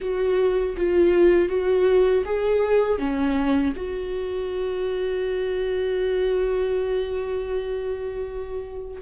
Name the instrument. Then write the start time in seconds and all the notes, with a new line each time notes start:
viola
0.00 F#4
0.76 F4
1.49 F#4
2.25 G#4
2.98 C#4
3.76 F#4